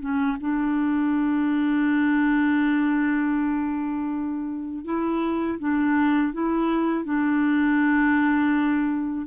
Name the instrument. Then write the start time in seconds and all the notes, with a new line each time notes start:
clarinet
0.00 C#4
0.40 D4
4.85 E4
5.59 D4
6.33 E4
7.05 D4